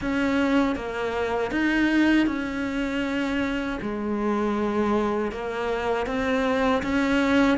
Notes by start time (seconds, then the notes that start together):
0.01 C#4
0.75 A#3
1.51 D#4
2.26 C#4
3.81 G#3
5.31 A#3
6.06 C4
6.83 C#4